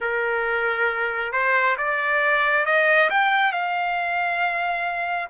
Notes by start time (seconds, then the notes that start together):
0.00 A#4
1.32 C5
1.77 D5
2.65 D#5
3.10 G5
3.52 F5